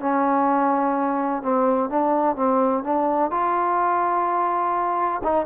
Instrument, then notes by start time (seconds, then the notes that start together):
trombone
0.00 C#4
1.43 C4
1.90 D4
2.36 C4
2.84 D4
3.31 F4
5.24 D#4